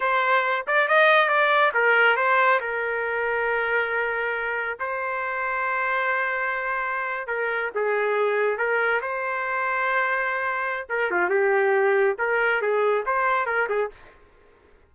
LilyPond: \new Staff \with { instrumentName = "trumpet" } { \time 4/4 \tempo 4 = 138 c''4. d''8 dis''4 d''4 | ais'4 c''4 ais'2~ | ais'2. c''4~ | c''1~ |
c''8. ais'4 gis'2 ais'16~ | ais'8. c''2.~ c''16~ | c''4 ais'8 f'8 g'2 | ais'4 gis'4 c''4 ais'8 gis'8 | }